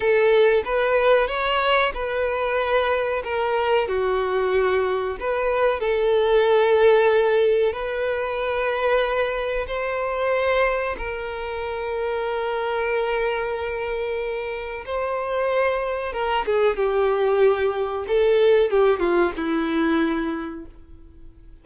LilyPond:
\new Staff \with { instrumentName = "violin" } { \time 4/4 \tempo 4 = 93 a'4 b'4 cis''4 b'4~ | b'4 ais'4 fis'2 | b'4 a'2. | b'2. c''4~ |
c''4 ais'2.~ | ais'2. c''4~ | c''4 ais'8 gis'8 g'2 | a'4 g'8 f'8 e'2 | }